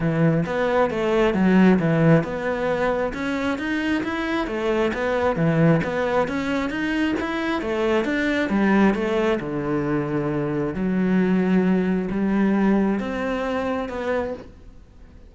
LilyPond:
\new Staff \with { instrumentName = "cello" } { \time 4/4 \tempo 4 = 134 e4 b4 a4 fis4 | e4 b2 cis'4 | dis'4 e'4 a4 b4 | e4 b4 cis'4 dis'4 |
e'4 a4 d'4 g4 | a4 d2. | fis2. g4~ | g4 c'2 b4 | }